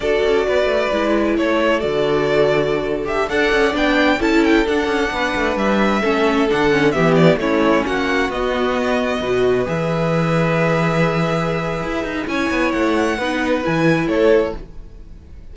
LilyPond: <<
  \new Staff \with { instrumentName = "violin" } { \time 4/4 \tempo 4 = 132 d''2. cis''4 | d''2~ d''8. e''8 fis''8.~ | fis''16 g''4 a''8 g''8 fis''4.~ fis''16~ | fis''16 e''2 fis''4 e''8 d''16~ |
d''16 cis''4 fis''4 dis''4.~ dis''16~ | dis''4~ dis''16 e''2~ e''8.~ | e''2. gis''4 | fis''2 gis''4 cis''4 | }
  \new Staff \with { instrumentName = "violin" } { \time 4/4 a'4 b'2 a'4~ | a'2.~ a'16 d''8.~ | d''4~ d''16 a'2 b'8.~ | b'4~ b'16 a'2 g'8.~ |
g'16 e'4 fis'2~ fis'8.~ | fis'16 b'2.~ b'8.~ | b'2. cis''4~ | cis''4 b'2 a'4 | }
  \new Staff \with { instrumentName = "viola" } { \time 4/4 fis'2 e'2 | fis'2~ fis'8. g'8 a'8.~ | a'16 d'4 e'4 d'4.~ d'16~ | d'4~ d'16 cis'4 d'8 cis'8 b8.~ |
b16 cis'2 b4.~ b16~ | b16 fis'4 gis'2~ gis'8.~ | gis'2. e'4~ | e'4 dis'4 e'2 | }
  \new Staff \with { instrumentName = "cello" } { \time 4/4 d'8 cis'8 b8 a8 gis4 a4 | d2.~ d16 d'8 cis'16~ | cis'16 b4 cis'4 d'8 cis'8 b8 a16~ | a16 g4 a4 d4 e8.~ |
e16 a4 ais4 b4.~ b16~ | b16 b,4 e2~ e8.~ | e2 e'8 dis'8 cis'8 b8 | a4 b4 e4 a4 | }
>>